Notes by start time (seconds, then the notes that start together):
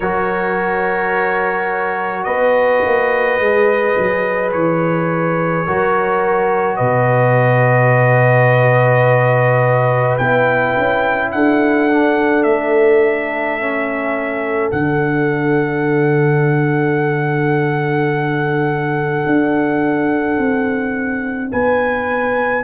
0.00 F#3 F#4 A#4 C#5
2.23 B3 B4 D#5
2.85 A#3
3.39 G#3 G#4
3.97 F#3
4.52 E3 C#5
5.66 F#3 F#4 A#4
6.76 B2 B4 D#5
10.17 B3 E4 G5
10.77 C#4
11.31 D4 A4 F#5
11.90 D4
12.43 A3 E5
13.60 C#4
14.71 D3 D4 F#5
19.26 D4
20.38 C4
21.51 B3 B4 G#5